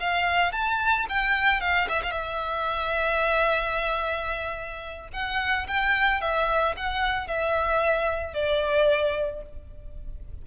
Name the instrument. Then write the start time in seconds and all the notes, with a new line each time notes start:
violin
0.00 F5
0.53 A5
1.09 G5
1.61 F5
1.89 E5
2.03 F5
2.12 E5
5.13 F#5
5.68 G5
6.21 E5
6.77 F#5
7.28 E5
8.34 D5